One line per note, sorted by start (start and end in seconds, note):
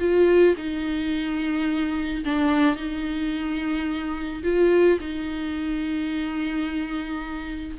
0.00 0.56 F4
0.58 2.24 D#4
2.25 2.77 D4
2.77 4.43 D#4
4.43 4.99 F4
5.00 7.78 D#4